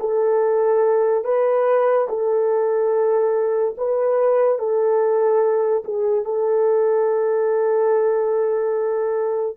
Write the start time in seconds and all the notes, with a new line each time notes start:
0.00 A4
1.24 B4
2.09 A4
3.78 B4
4.59 A4
5.85 G#4
6.25 A4